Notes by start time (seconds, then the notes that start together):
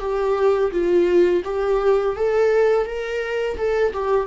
0.00 G4
0.72 F4
1.45 G4
2.16 A4
2.86 A#4
3.57 A4
3.94 G4